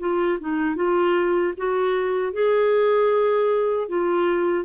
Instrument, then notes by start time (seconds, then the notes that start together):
clarinet
0.00 F4
0.40 D#4
0.76 F4
1.58 F#4
2.33 G#4
3.89 F4